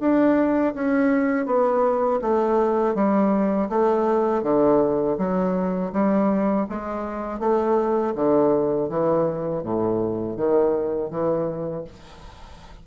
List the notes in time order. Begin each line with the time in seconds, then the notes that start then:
0.00 D4
0.74 C#4
1.46 B3
2.22 A3
2.95 G3
3.69 A3
4.43 D3
5.18 F#3
5.93 G3
6.69 G#3
7.40 A3
8.15 D3
8.89 E3
9.63 A2
10.37 D#3
11.10 E3